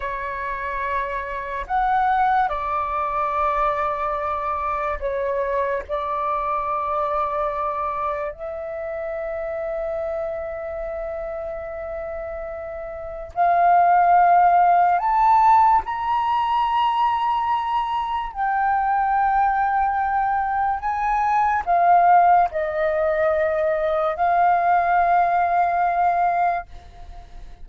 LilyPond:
\new Staff \with { instrumentName = "flute" } { \time 4/4 \tempo 4 = 72 cis''2 fis''4 d''4~ | d''2 cis''4 d''4~ | d''2 e''2~ | e''1 |
f''2 a''4 ais''4~ | ais''2 g''2~ | g''4 gis''4 f''4 dis''4~ | dis''4 f''2. | }